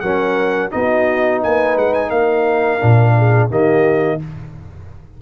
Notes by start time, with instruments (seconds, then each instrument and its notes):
0.00 tuba F#3, trombone C#4, horn A#4, trumpet F#5
0.70 tuba B3, trombone D#4, horn F#4, trumpet D#5
1.43 tuba A#3, horn B4, trumpet G#5
1.77 tuba G#3, trumpet F#5
1.94 trumpet G#5
2.09 tuba A#3, horn A#4, trumpet F5
2.80 tuba A#2, trombone D4
3.17 horn G#4
3.49 tuba D#3, trombone A#3, horn G4, trumpet D#5